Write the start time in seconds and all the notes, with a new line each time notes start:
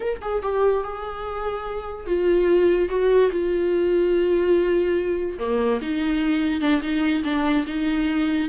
0.00 A#4
0.21 G#4
0.42 G4
0.83 G#4
2.06 F4
2.89 F#4
3.31 F4
5.38 A#3
5.81 D#4
6.60 D4
6.81 D#4
7.24 D4
7.66 D#4